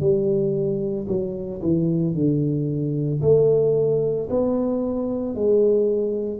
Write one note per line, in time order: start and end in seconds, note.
0.00 1.07 G3
1.08 1.61 F#3
1.62 2.14 E3
2.14 3.21 D3
3.22 4.29 A3
4.30 5.35 B3
5.35 6.40 G#3